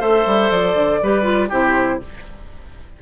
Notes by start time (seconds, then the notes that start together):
0.00 A3 A4 C5 E5
0.26 G3
0.51 F3 D5
0.75 D3
1.03 G3 G4 B4
1.23 F4
1.49 C3 E4 G4 C5